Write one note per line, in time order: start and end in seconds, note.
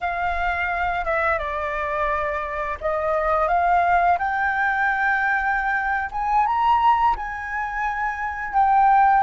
0.01 1.05 F5
1.05 1.38 E5
1.38 2.77 D5
2.80 3.48 D#5
3.48 4.17 F5
4.18 6.10 G5
6.11 6.46 G#5
6.46 7.16 A#5
7.16 8.53 G#5
8.53 9.23 G5